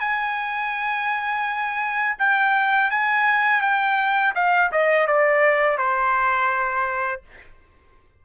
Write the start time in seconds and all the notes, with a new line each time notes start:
0.00 G#5
2.19 G5
2.91 G#5
3.61 G5
4.35 F5
4.72 D#5
5.07 D5
5.78 C5